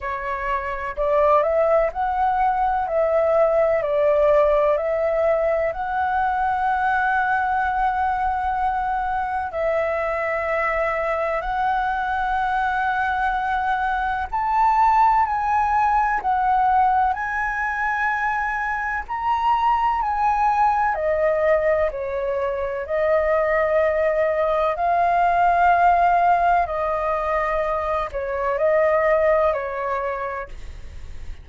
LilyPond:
\new Staff \with { instrumentName = "flute" } { \time 4/4 \tempo 4 = 63 cis''4 d''8 e''8 fis''4 e''4 | d''4 e''4 fis''2~ | fis''2 e''2 | fis''2. a''4 |
gis''4 fis''4 gis''2 | ais''4 gis''4 dis''4 cis''4 | dis''2 f''2 | dis''4. cis''8 dis''4 cis''4 | }